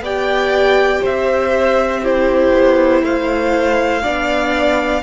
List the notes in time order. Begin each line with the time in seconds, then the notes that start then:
0.00 B3 G4 D5 G5
1.01 C4 C5 E5
2.02 E4 G4 C5
2.53 B3
3.02 A3 C5 F5
4.02 B3 D4 D5